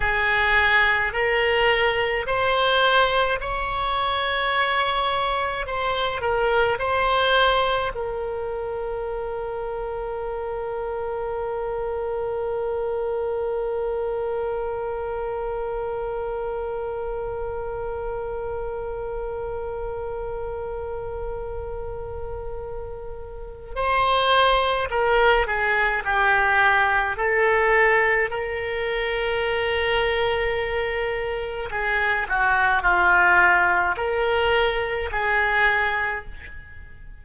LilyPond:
\new Staff \with { instrumentName = "oboe" } { \time 4/4 \tempo 4 = 53 gis'4 ais'4 c''4 cis''4~ | cis''4 c''8 ais'8 c''4 ais'4~ | ais'1~ | ais'1~ |
ais'1~ | ais'4 c''4 ais'8 gis'8 g'4 | a'4 ais'2. | gis'8 fis'8 f'4 ais'4 gis'4 | }